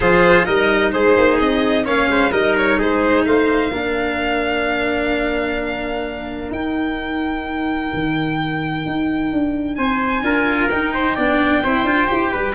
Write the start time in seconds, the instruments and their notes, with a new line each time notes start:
0.00 tuba F3, cello F4, trumpet G#4, violin C5
0.44 tuba G3, cello D#4, trumpet A#4, violin D#5
0.91 tuba G#3, trumpet G#4, violin C5
1.17 tuba A#3
1.38 tuba C4, violin D#5
1.84 tuba A#3, cello C#4, trumpet C#5, violin F5
2.08 tuba G#3, trumpet C5
2.31 tuba G3, cello D#4, trumpet A#4, violin D#5
2.57 violin C#5
2.78 tuba G#3, trumpet G#4, violin C5
3.25 tuba A3, trumpet C5, violin F5
3.70 tuba A#3, cello D4, trumpet A#4
6.51 tuba D#4, cello D#4, violin G5
7.93 tuba D#3
8.85 tuba D#4
9.32 tuba D4
9.75 tuba C4, trumpet C5, violin G#5
10.22 tuba D4, cello F4, trumpet A#4
10.69 tuba D#4, cello D#4, violin G5
10.93 trumpet C5
11.15 tuba B3, cello D4, trumpet D5
11.63 tuba C4, cello E4, trumpet C5
11.83 tuba D4, cello F4
12.07 tuba E4, cello G4
12.31 tuba G3, trumpet B4